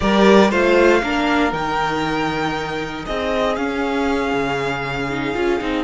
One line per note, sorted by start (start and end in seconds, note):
0.00 0.51 G3
0.00 0.50 G4
0.00 0.50 A#4
0.00 0.50 D5
0.50 1.02 A3
0.50 1.02 F4
0.50 1.01 C5
0.50 1.52 F5
1.03 1.52 A#3
1.03 1.51 D4
1.03 3.06 A#4
1.51 3.05 D#3
1.51 3.55 D#4
1.51 3.05 G5
3.05 3.57 C4
3.05 5.83 G#4
3.05 3.56 D#5
3.56 5.09 C#4
3.56 4.33 C#4
3.56 5.83 F5
4.33 5.35 C#3
5.09 5.34 D#4
5.34 5.60 C#4
5.34 5.59 F4
5.59 5.83 C4
5.59 5.83 D#4